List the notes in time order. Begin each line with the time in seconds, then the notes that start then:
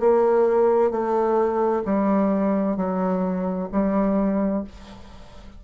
0.00 A#3
0.91 A3
1.85 G3
2.77 F#3
3.72 G3